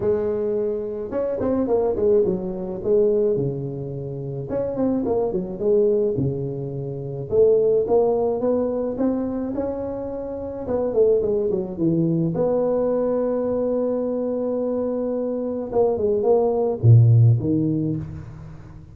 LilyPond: \new Staff \with { instrumentName = "tuba" } { \time 4/4 \tempo 4 = 107 gis2 cis'8 c'8 ais8 gis8 | fis4 gis4 cis2 | cis'8 c'8 ais8 fis8 gis4 cis4~ | cis4 a4 ais4 b4 |
c'4 cis'2 b8 a8 | gis8 fis8 e4 b2~ | b1 | ais8 gis8 ais4 ais,4 dis4 | }